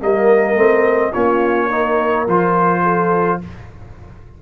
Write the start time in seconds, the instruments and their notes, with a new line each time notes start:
0.00 tuba G3, trombone A#3, horn A#4, trumpet D#5
0.55 tuba A3, trombone C4
1.12 tuba A#3, trombone C#4, horn F4, trumpet C#5
1.69 trombone D#4, horn A#4
2.27 tuba F3, trombone F4, trumpet C5
2.83 horn A4